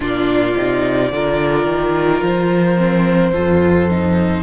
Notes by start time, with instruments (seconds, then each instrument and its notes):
0.00 cello A#2, viola D4, violin F4 D5
0.56 cello C3, viola D#4
1.11 cello D3, viola F4, violin A#4
1.66 cello D#3
2.21 cello F3, violin C5
2.77 viola C4
3.32 cello F2, viola F4, violin A4
3.90 viola D#4